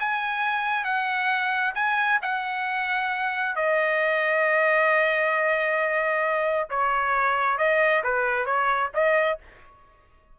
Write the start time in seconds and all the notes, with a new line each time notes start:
0.00 G#5
0.85 F#5
1.75 G#5
2.22 F#5
3.56 D#5
6.70 C#5
7.59 D#5
8.04 B4
8.46 C#5
8.94 D#5